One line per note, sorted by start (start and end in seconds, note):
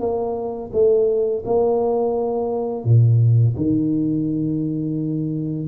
0.00 0.71 A#3
0.73 1.43 A3
1.45 2.84 A#3
2.84 3.55 A#2
3.56 5.68 D#3